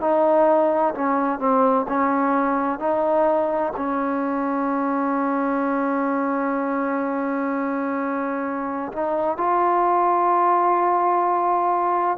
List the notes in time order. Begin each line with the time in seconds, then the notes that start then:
0.00 D#4
0.94 C#4
1.39 C4
1.88 C#4
2.79 D#4
3.76 C#4
8.92 D#4
9.37 F4